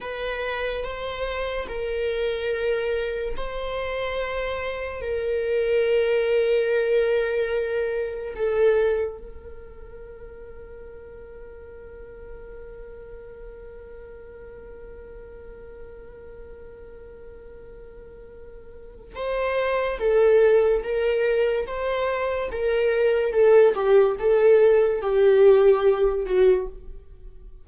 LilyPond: \new Staff \with { instrumentName = "viola" } { \time 4/4 \tempo 4 = 72 b'4 c''4 ais'2 | c''2 ais'2~ | ais'2 a'4 ais'4~ | ais'1~ |
ais'1~ | ais'2. c''4 | a'4 ais'4 c''4 ais'4 | a'8 g'8 a'4 g'4. fis'8 | }